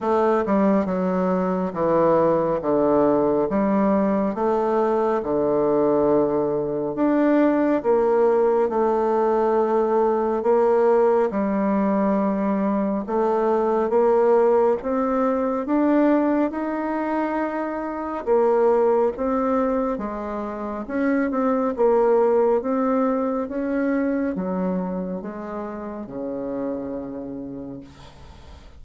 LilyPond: \new Staff \with { instrumentName = "bassoon" } { \time 4/4 \tempo 4 = 69 a8 g8 fis4 e4 d4 | g4 a4 d2 | d'4 ais4 a2 | ais4 g2 a4 |
ais4 c'4 d'4 dis'4~ | dis'4 ais4 c'4 gis4 | cis'8 c'8 ais4 c'4 cis'4 | fis4 gis4 cis2 | }